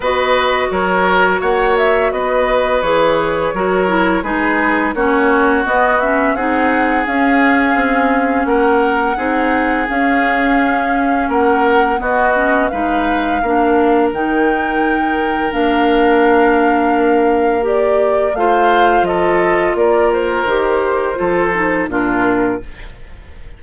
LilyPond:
<<
  \new Staff \with { instrumentName = "flute" } { \time 4/4 \tempo 4 = 85 dis''4 cis''4 fis''8 e''8 dis''4 | cis''2 b'4 cis''4 | dis''8 e''8 fis''4 f''2 | fis''2 f''2 |
fis''4 dis''4 f''2 | g''2 f''2~ | f''4 d''4 f''4 dis''4 | d''8 c''2~ c''8 ais'4 | }
  \new Staff \with { instrumentName = "oboe" } { \time 4/4 b'4 ais'4 cis''4 b'4~ | b'4 ais'4 gis'4 fis'4~ | fis'4 gis'2. | ais'4 gis'2. |
ais'4 fis'4 b'4 ais'4~ | ais'1~ | ais'2 c''4 a'4 | ais'2 a'4 f'4 | }
  \new Staff \with { instrumentName = "clarinet" } { \time 4/4 fis'1 | gis'4 fis'8 e'8 dis'4 cis'4 | b8 cis'8 dis'4 cis'2~ | cis'4 dis'4 cis'2~ |
cis'4 b8 cis'8 dis'4 d'4 | dis'2 d'2~ | d'4 g'4 f'2~ | f'4 g'4 f'8 dis'8 d'4 | }
  \new Staff \with { instrumentName = "bassoon" } { \time 4/4 b4 fis4 ais4 b4 | e4 fis4 gis4 ais4 | b4 c'4 cis'4 c'4 | ais4 c'4 cis'2 |
ais4 b4 gis4 ais4 | dis2 ais2~ | ais2 a4 f4 | ais4 dis4 f4 ais,4 | }
>>